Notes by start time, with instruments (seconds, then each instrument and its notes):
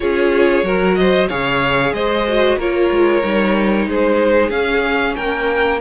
0.00 cello C#4, viola F4, violin G#4 C#5
0.62 cello F#3, viola F#4, violin A#4
0.95 violin C5 D#5
1.28 cello C#3, viola G#4, violin C#5 F5
1.92 cello G#3, violin C5 D#5
2.27 viola F#4
2.57 cello A#3, viola F4, violin A#4 C#5
2.90 cello G#3
3.22 cello G3, viola D#4
3.87 cello G#3, violin G#4 C5
4.50 cello C#4, viola C#4, violin F5
5.15 cello A#3, violin A#4 G5